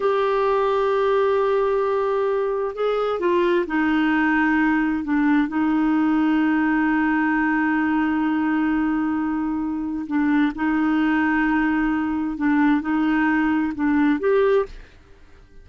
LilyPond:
\new Staff \with { instrumentName = "clarinet" } { \time 4/4 \tempo 4 = 131 g'1~ | g'2 gis'4 f'4 | dis'2. d'4 | dis'1~ |
dis'1~ | dis'2 d'4 dis'4~ | dis'2. d'4 | dis'2 d'4 g'4 | }